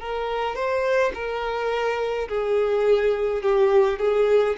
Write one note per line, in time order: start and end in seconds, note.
0.00 0.55 A#4
0.55 1.12 C5
1.14 2.28 A#4
2.29 3.42 G#4
3.42 3.99 G4
3.99 4.56 G#4